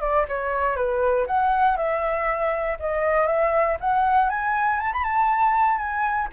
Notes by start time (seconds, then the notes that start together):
0.00 D5
0.28 C#5
0.76 B4
1.27 F#5
1.76 E5
2.79 D#5
3.26 E5
3.80 F#5
4.29 G#5
4.79 A5
4.93 B5
5.04 A5
5.78 G#5